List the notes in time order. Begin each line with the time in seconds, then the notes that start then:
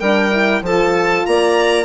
0.00 G3 D4 A#4 G5
0.32 E4
0.62 F3 F4 A4 A5
1.27 A#3 D5 A#5